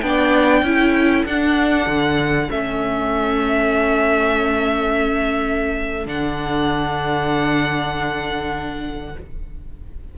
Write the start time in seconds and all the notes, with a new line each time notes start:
0.00 B3 D4 G5
0.06 D5
0.62 C#4 E4 A4
1.25 D4 F#5
1.87 D3
2.50 A3 C#4 E5
6.06 D3 D4 F#5